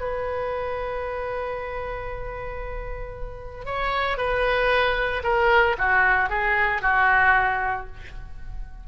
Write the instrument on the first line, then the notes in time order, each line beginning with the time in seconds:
oboe
0.00 B4
3.65 C#5
4.17 B4
5.23 A#4
5.78 F#4
6.29 G#4
6.82 F#4